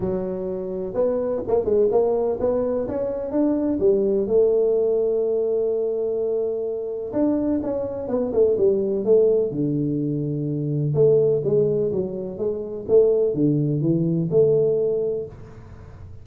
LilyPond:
\new Staff \with { instrumentName = "tuba" } { \time 4/4 \tempo 4 = 126 fis2 b4 ais8 gis8 | ais4 b4 cis'4 d'4 | g4 a2.~ | a2. d'4 |
cis'4 b8 a8 g4 a4 | d2. a4 | gis4 fis4 gis4 a4 | d4 e4 a2 | }